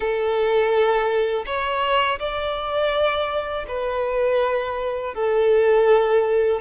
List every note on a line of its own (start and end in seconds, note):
0.00 1.45 A4
1.45 2.19 C#5
2.19 3.65 D5
3.68 5.14 B4
5.14 6.60 A4